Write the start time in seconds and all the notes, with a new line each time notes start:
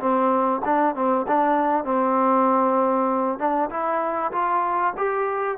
0.00 C4
0.65 D4
0.96 C4
1.28 D4
1.85 C4
3.39 D4
3.70 E4
4.32 F4
4.98 G4